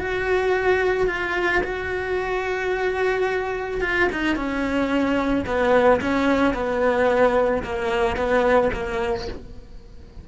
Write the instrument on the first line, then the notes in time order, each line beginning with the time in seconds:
cello
0.00 F#4
1.08 F4
1.64 F#4
3.82 F4
4.13 D#4
4.36 C#4
5.46 B3
6.01 C#4
6.54 B3
7.64 A#3
8.17 B3
8.73 A#3